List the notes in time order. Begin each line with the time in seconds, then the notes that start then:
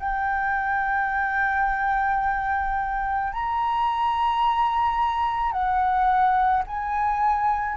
0.00 G5
3.33 A#5
5.52 F#5
6.67 G#5